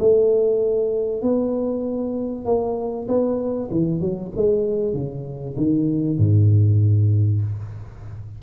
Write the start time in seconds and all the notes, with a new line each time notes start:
0.00 A3
1.22 B3
2.46 A#3
3.08 B3
3.71 E3
4.01 F#3
4.36 G#3
4.94 C#3
5.57 D#3
6.19 G#2